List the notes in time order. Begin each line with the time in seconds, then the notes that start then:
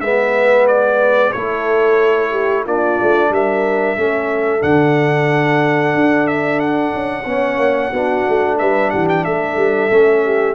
0.00 G#3 B3 B4 E5
0.67 D5
1.32 A3 E4 A4 C#5
2.30 G4
2.64 A#3 D4 F4 D5
3.02 A3
3.30 G3 A#4 E5
3.96 A3 C#4 A4
4.60 D3 D4 F#5
5.94 D4
6.27 E5
6.59 F#5
6.93 C#4
7.25 B3 C#4 C#5
7.57 A#3
7.91 B3 D4 F#4
8.28 A3
8.58 G3 B4 E5
8.90 E3 G4 F#5
9.09 G5
9.24 A3 A4 E5
9.56 G3
9.90 A3 C#4
10.24 G4